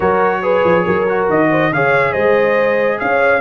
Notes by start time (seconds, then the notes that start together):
0.00 F#3 F#4 A#4 C#5
0.42 G#4 B4
0.64 F3
0.85 F#3 A#4
1.08 F#4
1.29 D#3 D#5
1.50 C5
1.72 C#3 G#4 C#5 F5
2.12 G#3 C5 D#5
2.99 C#4 C#5 F5